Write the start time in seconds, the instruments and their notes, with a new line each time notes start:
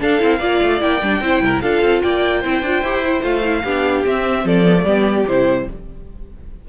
0.00 viola D4, cello D4, violin A4 F5
0.19 cello C4, viola E4
0.39 cello A#3, viola F4, violin D5
0.62 cello A3
0.80 cello A#3, viola E4, violin G5
1.02 cello G3, viola D4
1.20 cello C4, viola E4, violin C5
1.40 cello C2, violin A#4
1.61 cello D4, viola F4, violin A4 F5
1.82 cello C4
2.02 cello A#3, violin D5 G5
2.41 cello C4, viola E4, violin C5
2.62 cello D4, viola F4
2.82 cello E4, viola G4
3.06 viola E4
3.22 cello A3, viola F4, violin F5
3.43 viola E4
3.63 cello B3, viola D4, violin G4
4.05 cello C4, viola C4, violin E5
4.44 cello F3, violin A4 D5
4.66 viola B3
4.77 viola A3
4.84 cello G3, viola B3, violin G4
5.28 cello C3, viola E4, violin C5